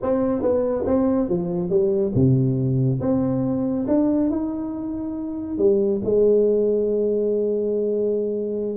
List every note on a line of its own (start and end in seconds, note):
0.02 0.41 C4
0.41 0.84 B3
0.86 1.29 C4
1.29 1.69 F3
1.69 2.12 G3
2.14 3.00 C3
3.00 3.86 C4
3.87 4.30 D4
4.30 5.58 D#4
5.58 6.01 G3
6.04 8.76 G#3